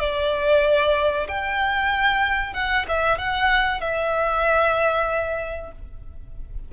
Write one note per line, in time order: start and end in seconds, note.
0.00 1.28 D5
1.29 2.54 G5
2.54 2.86 F#5
2.89 3.19 E5
3.19 3.81 F#5
3.81 5.72 E5